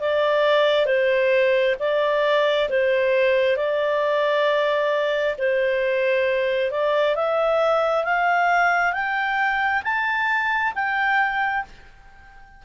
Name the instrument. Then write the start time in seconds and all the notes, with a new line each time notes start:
clarinet
0.00 D5
0.86 C5
1.79 D5
2.69 C5
3.57 D5
5.38 C5
6.71 D5
7.15 E5
8.04 F5
8.93 G5
9.83 A5
10.75 G5